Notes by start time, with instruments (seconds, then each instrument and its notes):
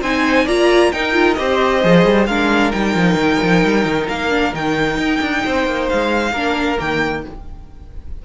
0.00 cello C4, viola D#4, violin C5 G#5
0.45 cello A#3, viola F4, violin D5 A#5
0.92 viola D#4, cello D#4, violin A#4 G5
1.12 viola F4
1.34 cello C4, viola G4, violin C5 D#5
1.81 cello F3, viola G#4
2.05 cello G3
2.26 cello G#3, viola D4, violin A#4 F5
2.71 cello G3, viola D#4, violin G5
2.95 cello F3
3.14 cello D#3
3.42 cello F3
3.64 cello G3
3.85 cello D#3
4.09 cello A#3, violin F5
4.29 viola D4
4.52 cello D#3, viola D#4, violin G5
4.97 cello D#4
5.20 cello D4
5.44 cello C4, violin C5
5.66 cello A#3
5.88 cello G#3, violin F5
6.32 cello A#3, viola D4, violin A#4
6.77 cello D#3, viola A#3, violin G5